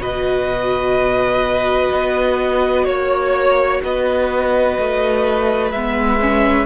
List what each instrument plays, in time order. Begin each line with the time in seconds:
0.00 cello B2, viola F#4, violin B4 D#5
1.92 cello B3
2.85 cello A#3, violin C#5
3.83 cello B3, violin B4 D#5
4.79 cello A3
5.72 cello G#3, viola B3, violin E5
6.20 viola C#4